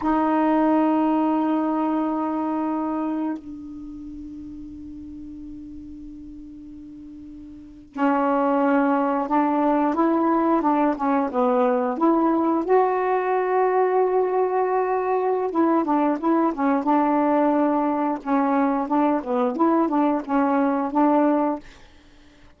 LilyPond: \new Staff \with { instrumentName = "saxophone" } { \time 4/4 \tempo 4 = 89 dis'1~ | dis'4 d'2.~ | d'2.~ d'8. cis'16~ | cis'4.~ cis'16 d'4 e'4 d'16~ |
d'16 cis'8 b4 e'4 fis'4~ fis'16~ | fis'2. e'8 d'8 | e'8 cis'8 d'2 cis'4 | d'8 b8 e'8 d'8 cis'4 d'4 | }